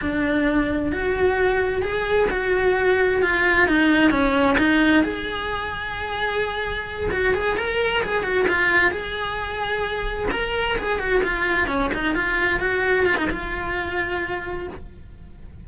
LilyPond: \new Staff \with { instrumentName = "cello" } { \time 4/4 \tempo 4 = 131 d'2 fis'2 | gis'4 fis'2 f'4 | dis'4 cis'4 dis'4 gis'4~ | gis'2.~ gis'8 fis'8 |
gis'8 ais'4 gis'8 fis'8 f'4 gis'8~ | gis'2~ gis'8 ais'4 gis'8 | fis'8 f'4 cis'8 dis'8 f'4 fis'8~ | fis'8 f'16 dis'16 f'2. | }